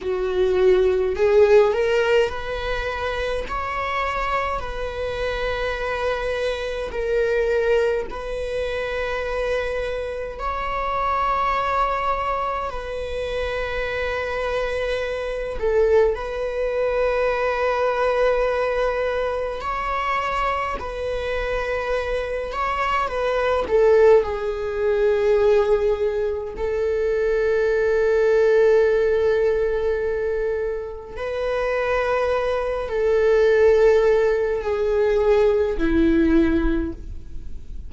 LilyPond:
\new Staff \with { instrumentName = "viola" } { \time 4/4 \tempo 4 = 52 fis'4 gis'8 ais'8 b'4 cis''4 | b'2 ais'4 b'4~ | b'4 cis''2 b'4~ | b'4. a'8 b'2~ |
b'4 cis''4 b'4. cis''8 | b'8 a'8 gis'2 a'4~ | a'2. b'4~ | b'8 a'4. gis'4 e'4 | }